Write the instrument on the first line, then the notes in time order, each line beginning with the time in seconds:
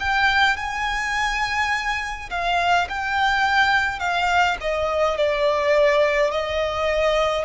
violin
0.00 G5
0.57 G#5
2.30 F5
2.90 G5
4.00 F5
4.61 D#5
5.17 D5
6.31 D#5